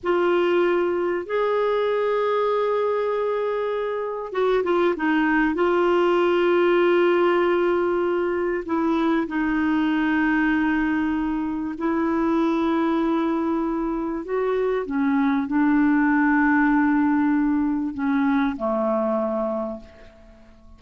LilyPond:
\new Staff \with { instrumentName = "clarinet" } { \time 4/4 \tempo 4 = 97 f'2 gis'2~ | gis'2. fis'8 f'8 | dis'4 f'2.~ | f'2 e'4 dis'4~ |
dis'2. e'4~ | e'2. fis'4 | cis'4 d'2.~ | d'4 cis'4 a2 | }